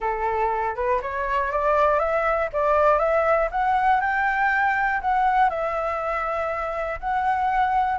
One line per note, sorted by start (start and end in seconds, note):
0.00 0.75 A4
0.75 1.00 B4
1.01 1.51 C#5
1.51 1.99 D5
1.99 2.49 E5
2.52 2.98 D5
2.98 3.48 E5
3.51 4.00 F#5
4.00 5.00 G5
5.01 5.49 F#5
5.49 6.99 E5
7.00 7.98 F#5